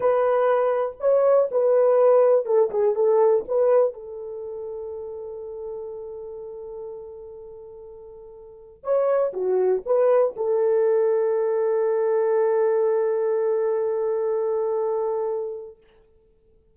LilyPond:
\new Staff \with { instrumentName = "horn" } { \time 4/4 \tempo 4 = 122 b'2 cis''4 b'4~ | b'4 a'8 gis'8 a'4 b'4 | a'1~ | a'1~ |
a'2 cis''4 fis'4 | b'4 a'2.~ | a'1~ | a'1 | }